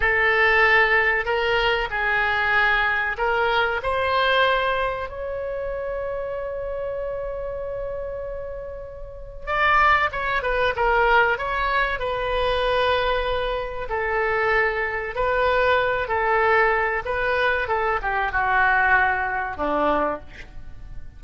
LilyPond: \new Staff \with { instrumentName = "oboe" } { \time 4/4 \tempo 4 = 95 a'2 ais'4 gis'4~ | gis'4 ais'4 c''2 | cis''1~ | cis''2. d''4 |
cis''8 b'8 ais'4 cis''4 b'4~ | b'2 a'2 | b'4. a'4. b'4 | a'8 g'8 fis'2 d'4 | }